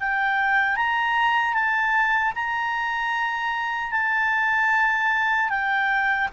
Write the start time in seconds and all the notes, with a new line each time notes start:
0.00 G5
0.76 A#5
1.54 A5
2.35 A#5
3.92 A5
5.49 G5